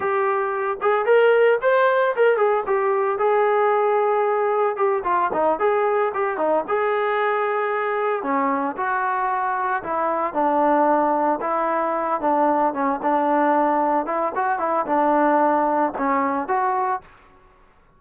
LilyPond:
\new Staff \with { instrumentName = "trombone" } { \time 4/4 \tempo 4 = 113 g'4. gis'8 ais'4 c''4 | ais'8 gis'8 g'4 gis'2~ | gis'4 g'8 f'8 dis'8 gis'4 g'8 | dis'8 gis'2. cis'8~ |
cis'8 fis'2 e'4 d'8~ | d'4. e'4. d'4 | cis'8 d'2 e'8 fis'8 e'8 | d'2 cis'4 fis'4 | }